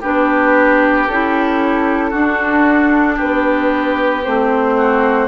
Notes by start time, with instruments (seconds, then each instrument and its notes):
0.00 bassoon B3, clarinet D4, oboe G4, flute B4
1.07 bassoon C#4, clarinet E4, flute A4
2.10 clarinet D4, bassoon D4, oboe F#4
3.16 bassoon B3, oboe G4, flute B4
4.24 bassoon A3, clarinet C4, flute C5
4.77 oboe F#4